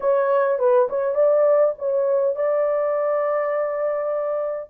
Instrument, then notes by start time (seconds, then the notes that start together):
horn
0.00 C#5
0.58 B4
0.89 C#5
1.15 D5
1.78 C#5
2.35 D5